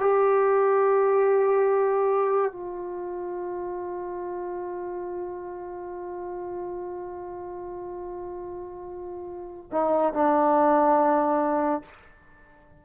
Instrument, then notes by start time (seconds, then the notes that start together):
trombone
0.00 G4
2.52 F4
9.72 D#4
10.13 D4